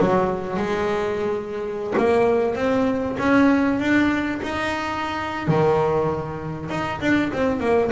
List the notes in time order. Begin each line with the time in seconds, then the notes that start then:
0.00 F#3
0.56 G#3
1.98 A#3
2.55 C4
3.19 C#4
3.80 D4
4.42 D#4
5.47 D#3
6.70 D#4
7.01 D4
7.33 C4
7.60 A#3